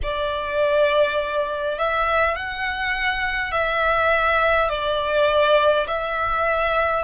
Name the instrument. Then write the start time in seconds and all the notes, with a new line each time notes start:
violin
0.02 D5
1.78 E5
2.36 F#5
3.51 E5
4.68 D5
5.87 E5